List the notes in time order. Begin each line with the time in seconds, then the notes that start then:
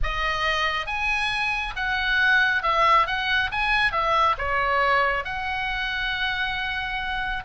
0.03 D#5
0.86 G#5
1.75 F#5
2.63 E5
3.06 F#5
3.51 G#5
3.92 E5
4.38 C#5
5.24 F#5